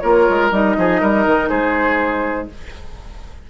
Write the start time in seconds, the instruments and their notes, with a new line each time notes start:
0.00 bassoon A#3, clarinet F4, oboe A#4, flute C#5
0.30 bassoon G#3
0.51 bassoon G3, clarinet D#4, flute D#5
0.77 bassoon F3, oboe G#4
1.01 bassoon G3, oboe A#4
1.26 bassoon D#3
1.49 bassoon G#3, oboe G#4, flute C5